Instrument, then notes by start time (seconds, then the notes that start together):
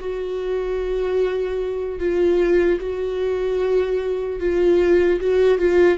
viola
0.00 F#4
2.00 F4
2.80 F#4
4.40 F4
5.21 F#4
5.58 F4